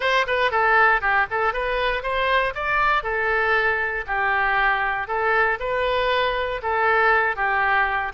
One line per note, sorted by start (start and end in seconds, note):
0.00 0.25 C5
0.26 0.51 B4
0.51 1.01 A4
1.01 1.26 G4
1.30 1.53 A4
1.53 2.02 B4
2.02 2.53 C5
2.54 3.03 D5
3.03 4.04 A4
4.06 5.07 G4
5.07 5.58 A4
5.59 6.61 B4
6.62 7.36 A4
7.36 8.12 G4